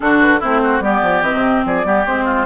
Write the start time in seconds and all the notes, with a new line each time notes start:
0.00 D3 D4 F#4 A4
0.20 B4
0.40 A3 C4 E4 C5
0.63 F#4
0.79 G3 B3 G4 D5
1.02 F3
1.22 E3 C4 D#5
1.33 C3
1.65 F3 G#4 D5
1.84 G3 B3 G4
2.06 G#3 C4 C5
2.24 F4